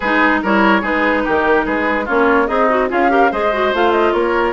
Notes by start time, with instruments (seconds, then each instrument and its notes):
0.00 bassoon G#3, clarinet D#4, oboe G#4, flute B4
0.42 bassoon G3, clarinet E4, oboe A#4, flute C#5
0.81 bassoon G#3, clarinet D#4, oboe G#4, flute B4
1.24 bassoon D#3, oboe G4, flute A#4
1.65 bassoon G#3, oboe G#4, flute B4
2.05 bassoon A#3, clarinet C#4, oboe F4, flute C#5
2.47 bassoon C4, oboe D#4, clarinet G#4, flute D#5
2.69 clarinet F#4
2.89 bassoon C#4, clarinet F4, oboe G#4, flute F5
3.09 clarinet G4, oboe A#4
3.31 bassoon G#3, clarinet G#4, oboe C5, flute D#5
3.52 clarinet F#4
3.73 bassoon A3, clarinet F4, flute F5
3.92 flute D#5
4.12 bassoon A#3, oboe A#4, flute C#5